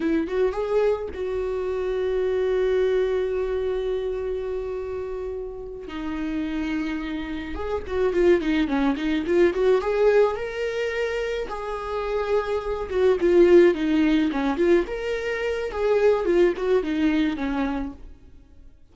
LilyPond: \new Staff \with { instrumentName = "viola" } { \time 4/4 \tempo 4 = 107 e'8 fis'8 gis'4 fis'2~ | fis'1~ | fis'2~ fis'8 dis'4.~ | dis'4. gis'8 fis'8 f'8 dis'8 cis'8 |
dis'8 f'8 fis'8 gis'4 ais'4.~ | ais'8 gis'2~ gis'8 fis'8 f'8~ | f'8 dis'4 cis'8 f'8 ais'4. | gis'4 f'8 fis'8 dis'4 cis'4 | }